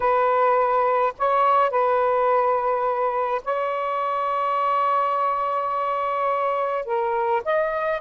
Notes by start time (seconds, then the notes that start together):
0.00 B4
1.18 C#5
1.70 B4
3.44 C#5
6.85 A#4
7.44 D#5